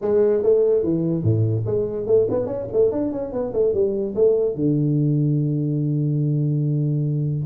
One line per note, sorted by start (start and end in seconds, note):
0.01 0.42 G#3
0.42 0.83 A3
0.83 1.23 E3
1.23 1.64 A2
1.66 2.06 G#3
2.06 2.27 A3
2.30 2.46 B3
2.46 2.67 C#4
2.72 2.91 A3
2.91 3.11 D4
3.11 3.32 C#4
3.32 3.53 B3
3.53 3.73 A3
3.73 4.15 G3
4.15 4.55 A3
4.55 7.45 D3